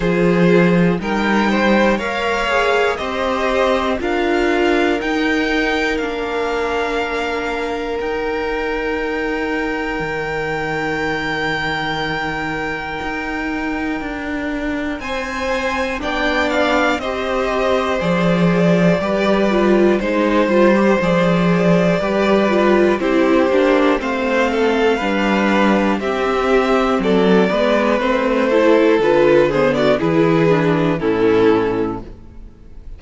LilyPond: <<
  \new Staff \with { instrumentName = "violin" } { \time 4/4 \tempo 4 = 60 c''4 g''4 f''4 dis''4 | f''4 g''4 f''2 | g''1~ | g''2. gis''4 |
g''8 f''8 dis''4 d''2 | c''4 d''2 c''4 | f''2 e''4 d''4 | c''4 b'8 c''16 d''16 b'4 a'4 | }
  \new Staff \with { instrumentName = "violin" } { \time 4/4 gis'4 ais'8 c''8 cis''4 c''4 | ais'1~ | ais'1~ | ais'2. c''4 |
d''4 c''2 b'4 | c''2 b'4 g'4 | c''8 a'8 b'4 g'4 a'8 b'8~ | b'8 a'4 gis'16 fis'16 gis'4 e'4 | }
  \new Staff \with { instrumentName = "viola" } { \time 4/4 f'4 dis'4 ais'8 gis'8 g'4 | f'4 dis'4 d'2 | dis'1~ | dis'1 |
d'4 g'4 gis'4 g'8 f'8 | dis'8 f'16 g'16 gis'4 g'8 f'8 e'8 d'8 | c'4 d'4 c'4. b8 | c'8 e'8 f'8 b8 e'8 d'8 cis'4 | }
  \new Staff \with { instrumentName = "cello" } { \time 4/4 f4 g4 ais4 c'4 | d'4 dis'4 ais2 | dis'2 dis2~ | dis4 dis'4 d'4 c'4 |
b4 c'4 f4 g4 | gis8 g8 f4 g4 c'8 ais8 | a4 g4 c'4 fis8 gis8 | a4 d4 e4 a,4 | }
>>